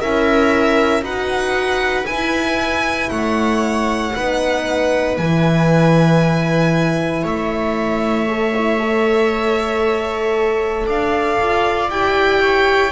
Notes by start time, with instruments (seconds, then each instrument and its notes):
0.00 double bass C#4, horn E4, viola A#4, violin E5
1.01 double bass D#4, horn F#4, viola B4, violin F#5
2.06 double bass E4, horn E4, violin G#5
3.09 double bass A3, viola C#5, violin F#5
4.15 double bass B3, horn D#4, viola B4
5.17 double bass E3, horn E4, violin G#5
7.23 double bass A3, viola C#5, violin E5
8.28 horn A4
8.55 horn E4
8.79 horn A4
10.87 double bass D4, viola D5, violin F5
11.41 double bass F4
11.89 double bass E4, horn G4, violin G5
12.41 viola C#5